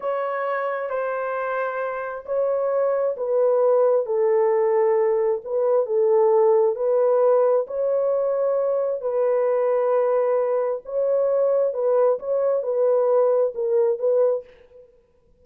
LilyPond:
\new Staff \with { instrumentName = "horn" } { \time 4/4 \tempo 4 = 133 cis''2 c''2~ | c''4 cis''2 b'4~ | b'4 a'2. | b'4 a'2 b'4~ |
b'4 cis''2. | b'1 | cis''2 b'4 cis''4 | b'2 ais'4 b'4 | }